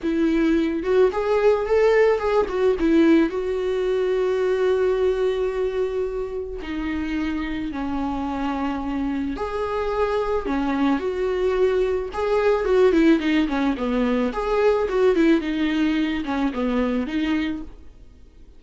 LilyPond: \new Staff \with { instrumentName = "viola" } { \time 4/4 \tempo 4 = 109 e'4. fis'8 gis'4 a'4 | gis'8 fis'8 e'4 fis'2~ | fis'1 | dis'2 cis'2~ |
cis'4 gis'2 cis'4 | fis'2 gis'4 fis'8 e'8 | dis'8 cis'8 b4 gis'4 fis'8 e'8 | dis'4. cis'8 b4 dis'4 | }